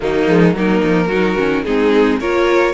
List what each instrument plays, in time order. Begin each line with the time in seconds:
0.00 cello D#3, viola F#3, violin A#3 D#4
0.27 cello F3, viola G#3
0.54 cello F#3, viola A#3, violin D#4 A#4
0.83 cello F3
1.07 cello F#3, viola D#4, violin F#4
1.37 cello D#3, viola C#4
1.64 cello G#3, viola C4, violin D#4 G#4
2.19 cello A#3, viola F4, violin A#4 C#5